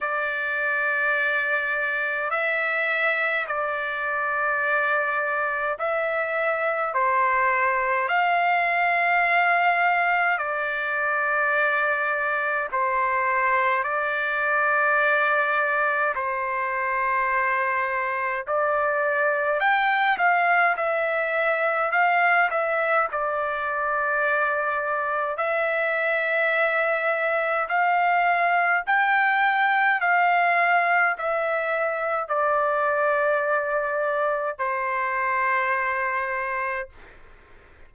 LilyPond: \new Staff \with { instrumentName = "trumpet" } { \time 4/4 \tempo 4 = 52 d''2 e''4 d''4~ | d''4 e''4 c''4 f''4~ | f''4 d''2 c''4 | d''2 c''2 |
d''4 g''8 f''8 e''4 f''8 e''8 | d''2 e''2 | f''4 g''4 f''4 e''4 | d''2 c''2 | }